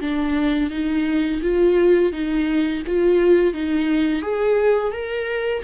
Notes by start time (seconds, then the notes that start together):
0.00 D4
0.70 D#4
1.41 F4
2.12 D#4
2.87 F4
3.53 D#4
4.22 G#4
4.92 A#4